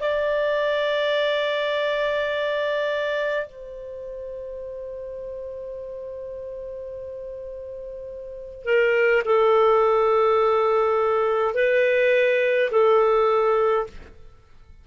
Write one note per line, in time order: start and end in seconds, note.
0.00 3.46 D5
3.46 8.64 C5
8.64 9.22 A#4
9.25 11.54 A4
11.54 12.70 B4
12.71 13.87 A4